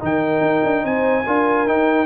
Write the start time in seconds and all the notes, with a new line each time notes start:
0.00 D#3 D#4 A#4 G5
0.41 D#4
0.64 D4
0.83 C4 C5 G#5
1.25 D4 F4 A#4
1.67 D#4 G5